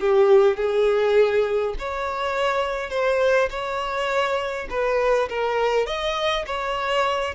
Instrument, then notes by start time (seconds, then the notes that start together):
violin
0.00 G4
0.57 G#4
1.79 C#5
2.90 C5
3.50 C#5
4.70 B4
5.29 A#4
5.86 D#5
6.46 C#5